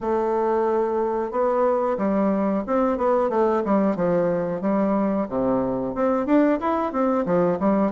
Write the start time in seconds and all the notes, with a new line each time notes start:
0.00 A3
1.31 B3
1.97 G3
2.66 C4
2.97 B3
3.29 A3
3.64 G3
3.96 F3
4.61 G3
5.29 C3
5.94 C4
6.26 D4
6.60 E4
6.92 C4
7.25 F3
7.59 G3